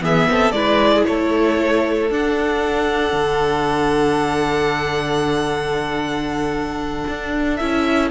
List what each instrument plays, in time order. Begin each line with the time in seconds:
0.00 cello E3, viola B3, violin G#4 E5
0.29 cello C4, violin A4
0.51 cello G#3, viola E4, violin B4 D5
0.94 violin G#4
1.06 cello A3, violin A4 C#5
2.10 cello D4, viola D4, violin F#5
3.12 cello D3
7.08 cello D4
7.56 cello C#4, viola E4, violin E5